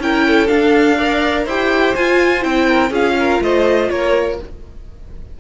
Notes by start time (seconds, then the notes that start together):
0.00 C#4 E4 A#4 G5
0.27 A4
0.47 D4 F5
0.98 A#4 D5
1.44 E4 G4 C5 G5
1.95 F4 G#5
2.41 C4 E4 G5
2.68 A#4
2.90 C#4 F4 G#4 F5
3.19 A#4
3.41 A3 C5 D#5
3.90 A#3 A#4 C#5